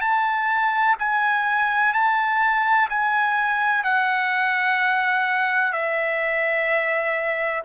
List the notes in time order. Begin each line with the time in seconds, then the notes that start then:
0.00 A5
0.99 G#5
1.93 A5
2.89 G#5
3.84 F#5
5.72 E5